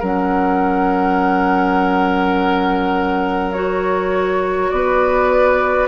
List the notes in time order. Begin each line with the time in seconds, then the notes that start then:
0.00 F#3 C#4 A#4 F#5
3.53 F#4 C#5
4.70 B3 B4 D5